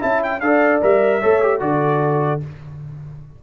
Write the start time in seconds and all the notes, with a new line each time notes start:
0.00 C#4 E4 E5 A5
0.23 G5
0.40 D4 A4 D5 F5
0.82 G3 A#4 E5
1.20 A3 A4 C#5
1.42 G4
1.60 D3 F#4 A4 D5